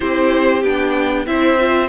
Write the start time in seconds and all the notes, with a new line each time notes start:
0.00 C4 E4 G4 C5
0.63 B3 D4 G5
1.26 C4 E4 C5 E5
1.59 F4